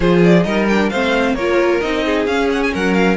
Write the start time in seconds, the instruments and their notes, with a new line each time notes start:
0.00 cello F3, viola F4, violin G#4 C5
0.24 violin D5
0.43 cello G3, viola D#4, violin A#4 D#5
0.67 viola D4, violin G5
0.89 cello A3, viola C4, violin C5 F5
1.34 cello A#3, viola F4, violin A#4 C#5
1.80 cello C4, viola D#4, violin D#5
2.05 violin G#4
2.26 cello C#4, viola C#4, violin F5
2.52 violin F#5
2.62 violin G#5
2.73 cello F#3, violin A#4 F#5
2.93 violin F5